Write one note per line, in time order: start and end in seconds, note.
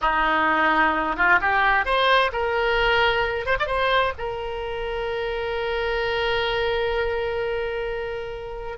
0.01 1.16 D#4
1.16 1.39 F4
1.41 1.85 G4
1.85 2.31 C5
2.32 3.46 A#4
3.46 3.57 C5
3.59 3.66 D5
3.66 4.12 C5
4.17 8.78 A#4